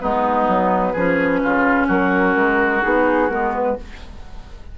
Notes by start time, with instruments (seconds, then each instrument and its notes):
0.00 bassoon G#3, clarinet B3, oboe D#4, flute B4
0.48 bassoon F#3
0.93 bassoon F3, clarinet C#4, oboe G#4
1.43 bassoon C#3, oboe F4
1.87 bassoon F#3, oboe F#4, flute A#4
2.35 bassoon G#3
2.82 bassoon B3, clarinet D#4, flute G#4
3.29 bassoon G#3, clarinet B3, flute A#4
3.55 flute B4